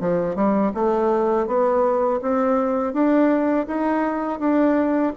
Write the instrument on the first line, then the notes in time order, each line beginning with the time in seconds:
bassoon
0.00 F3
0.35 G3
0.74 A3
1.47 B3
2.22 C4
2.93 D4
3.67 D#4
4.39 D4